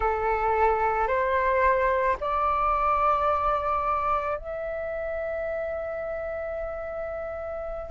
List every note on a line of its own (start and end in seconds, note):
0.00 1.07 A4
1.07 2.16 C5
2.20 4.37 D5
4.37 7.90 E5